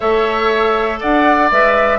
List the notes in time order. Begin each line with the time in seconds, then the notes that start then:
0.00 A3 A4 C#5 E5
0.99 D4 D5 F#5
1.51 G#3 B4 E5